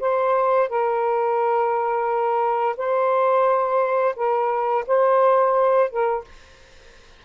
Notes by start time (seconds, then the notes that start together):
0.00 C5
0.69 A#4
2.77 C5
4.16 A#4
4.87 C5
5.91 A#4